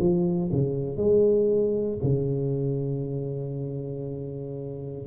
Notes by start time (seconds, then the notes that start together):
0.00 F3
0.52 C#3
0.97 G#3
2.03 C#3